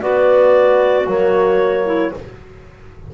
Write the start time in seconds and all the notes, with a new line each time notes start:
0.00 B3 F#4 D5
1.07 F#3 A#3 C#5
1.85 E4